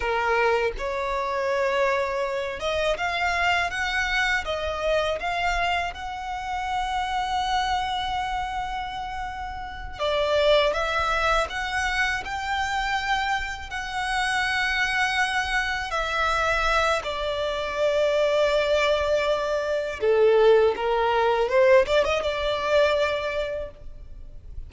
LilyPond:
\new Staff \with { instrumentName = "violin" } { \time 4/4 \tempo 4 = 81 ais'4 cis''2~ cis''8 dis''8 | f''4 fis''4 dis''4 f''4 | fis''1~ | fis''4. d''4 e''4 fis''8~ |
fis''8 g''2 fis''4.~ | fis''4. e''4. d''4~ | d''2. a'4 | ais'4 c''8 d''16 dis''16 d''2 | }